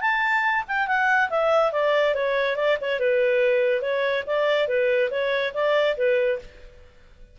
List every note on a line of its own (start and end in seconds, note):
0.00 0.63 A5
0.67 0.87 G5
0.87 1.29 F#5
1.29 1.72 E5
1.72 2.14 D5
2.14 2.56 C#5
2.56 2.77 D5
2.81 2.99 C#5
2.99 3.81 B4
3.81 4.23 C#5
4.26 4.67 D5
4.67 5.09 B4
5.10 5.53 C#5
5.54 5.96 D5
5.96 6.39 B4